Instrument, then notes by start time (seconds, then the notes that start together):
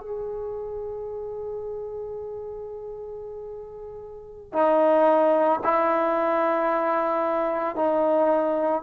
trombone
0.00 G#4
4.53 D#4
5.64 E4
7.76 D#4